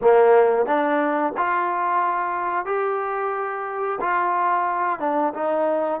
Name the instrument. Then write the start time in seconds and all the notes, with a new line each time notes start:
trombone
0.01 A#3
0.65 D4
1.37 F4
2.65 G4
4.01 F4
4.99 D4
5.34 D#4